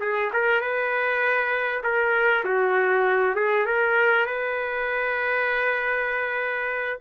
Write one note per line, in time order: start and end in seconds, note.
0.00 0.30 G#4
0.33 0.60 A#4
0.60 1.82 B4
1.83 2.44 A#4
2.44 3.35 F#4
3.35 3.65 G#4
3.65 4.26 A#4
4.26 6.98 B4